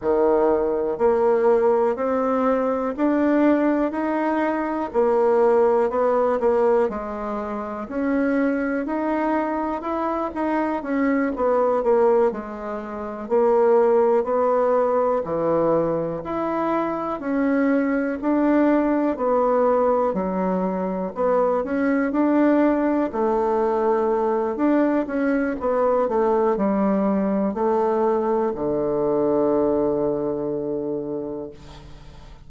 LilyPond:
\new Staff \with { instrumentName = "bassoon" } { \time 4/4 \tempo 4 = 61 dis4 ais4 c'4 d'4 | dis'4 ais4 b8 ais8 gis4 | cis'4 dis'4 e'8 dis'8 cis'8 b8 | ais8 gis4 ais4 b4 e8~ |
e8 e'4 cis'4 d'4 b8~ | b8 fis4 b8 cis'8 d'4 a8~ | a4 d'8 cis'8 b8 a8 g4 | a4 d2. | }